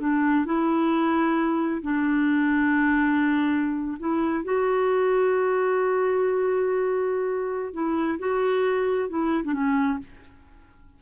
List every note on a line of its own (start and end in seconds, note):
0.00 0.45 D4
0.45 1.81 E4
1.82 3.98 D4
3.99 4.44 E4
4.44 7.73 F#4
7.73 8.18 E4
8.19 9.09 F#4
9.09 9.43 E4
9.44 9.53 D4
9.53 9.99 C#4